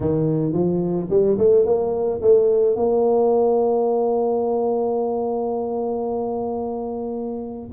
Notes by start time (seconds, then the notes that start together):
0.00 D#3
0.53 F3
1.10 G3
1.38 A3
1.65 A#3
2.21 A3
2.75 A#3